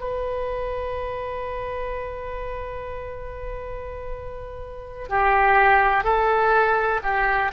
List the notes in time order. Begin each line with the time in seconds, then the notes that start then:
0.00 B4
5.09 G4
6.04 A4
7.03 G4